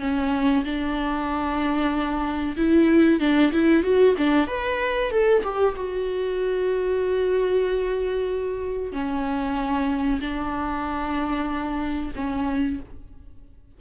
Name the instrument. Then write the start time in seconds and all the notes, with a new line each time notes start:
viola
0.00 C#4
0.64 D4
2.56 E4
3.20 D4
3.52 E4
3.83 F#4
4.18 D4
4.47 B4
5.11 A4
5.43 G4
5.76 F#4
8.92 C#4
10.21 D4
12.16 C#4